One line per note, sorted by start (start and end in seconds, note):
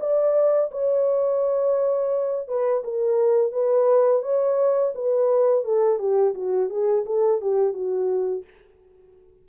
0.00 0.71 D5
0.72 2.48 C#5
2.48 2.83 B4
2.84 3.52 A#4
3.52 4.23 B4
4.23 4.93 C#5
4.95 5.64 B4
5.64 5.99 A4
5.99 6.34 G4
6.35 6.70 F#4
6.70 7.05 G#4
7.06 7.41 A4
7.41 7.74 G4
7.74 8.44 F#4